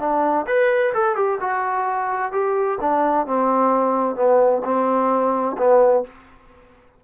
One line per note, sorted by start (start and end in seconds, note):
0.00 0.46 D4
0.47 0.93 B4
0.94 1.16 A4
1.16 1.39 G4
1.41 2.32 F#4
2.32 2.79 G4
2.81 3.27 D4
3.27 4.16 C4
4.16 4.62 B3
4.64 5.57 C4
5.58 6.04 B3